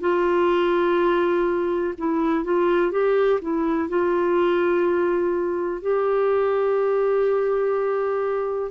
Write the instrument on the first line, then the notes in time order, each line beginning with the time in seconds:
clarinet
0.00 F4
1.98 E4
2.44 F4
2.91 G4
3.41 E4
3.89 F4
5.82 G4